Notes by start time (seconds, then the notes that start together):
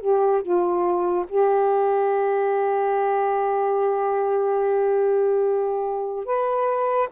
0.00 G4
0.42 F4
1.28 G4
6.25 B4